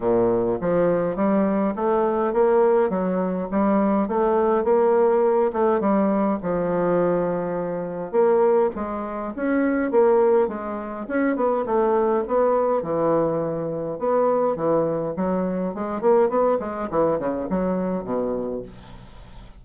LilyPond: \new Staff \with { instrumentName = "bassoon" } { \time 4/4 \tempo 4 = 103 ais,4 f4 g4 a4 | ais4 fis4 g4 a4 | ais4. a8 g4 f4~ | f2 ais4 gis4 |
cis'4 ais4 gis4 cis'8 b8 | a4 b4 e2 | b4 e4 fis4 gis8 ais8 | b8 gis8 e8 cis8 fis4 b,4 | }